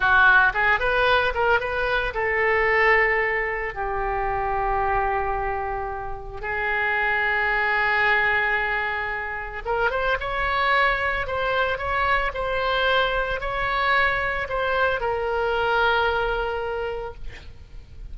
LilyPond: \new Staff \with { instrumentName = "oboe" } { \time 4/4 \tempo 4 = 112 fis'4 gis'8 b'4 ais'8 b'4 | a'2. g'4~ | g'1 | gis'1~ |
gis'2 ais'8 c''8 cis''4~ | cis''4 c''4 cis''4 c''4~ | c''4 cis''2 c''4 | ais'1 | }